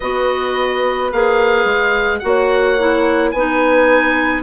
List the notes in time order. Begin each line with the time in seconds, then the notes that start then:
0.00 B3 F#4 B4 D#5
1.12 A#3 G#4 F5
1.65 G#3
2.19 A#3 F#4 F#5
2.26 C#5
2.78 E4
3.31 B3 D#4 B4 G#5